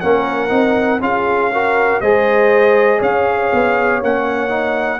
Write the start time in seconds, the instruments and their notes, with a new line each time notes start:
0.00 tuba A#3, trombone C#4, horn A#4, trumpet F#5
0.49 tuba C4, trombone D#4
1.00 tuba C#4, trombone F4, horn G#4, trumpet F5
1.52 trombone F#4, horn A#4
2.00 tuba G#3, trombone G#4, horn C5, trumpet D#5
2.98 tuba C#4, horn C#5, trumpet F5
3.53 tuba B3
4.01 tuba A#3, trombone C#4, trumpet F#5
4.49 trombone D#4